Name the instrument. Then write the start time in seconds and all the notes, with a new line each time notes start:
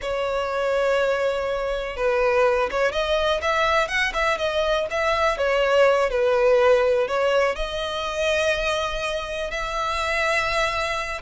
violin
0.01 C#5
1.96 B4
2.70 C#5
2.92 D#5
3.41 E5
3.88 F#5
4.13 E5
4.38 D#5
4.90 E5
5.37 C#5
6.10 B4
7.07 C#5
7.55 D#5
9.50 E5